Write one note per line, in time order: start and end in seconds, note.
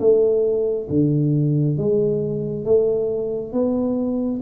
0.00 0.88 A3
0.89 1.77 D3
1.77 2.65 G#3
2.65 3.53 A3
3.53 4.41 B3